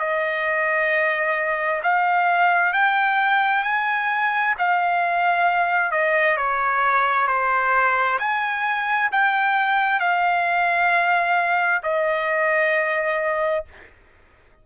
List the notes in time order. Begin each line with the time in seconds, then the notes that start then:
0.00 D#5
1.83 F5
2.74 G5
3.64 G#5
4.59 F5
5.92 D#5
6.38 C#5
7.28 C5
8.19 G#5
9.12 G5
10.00 F5
11.83 D#5